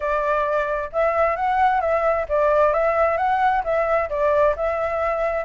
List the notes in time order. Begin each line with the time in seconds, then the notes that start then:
0.00 D5
0.92 E5
1.36 F#5
1.80 E5
2.29 D5
2.73 E5
3.17 F#5
3.64 E5
4.09 D5
4.56 E5